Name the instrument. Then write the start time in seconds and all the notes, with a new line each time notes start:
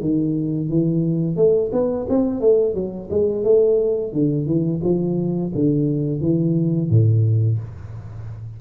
tuba
0.00 D#3
0.69 E3
1.36 A3
1.72 B3
2.08 C4
2.40 A3
2.74 F#3
3.10 G#3
3.44 A3
4.12 D3
4.46 E3
4.83 F3
5.55 D3
6.20 E3
6.89 A2